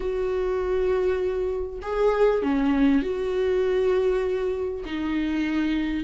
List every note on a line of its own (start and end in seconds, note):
0.00 1.79 F#4
1.82 2.42 G#4
2.42 3.02 C#4
3.02 4.84 F#4
4.85 6.04 D#4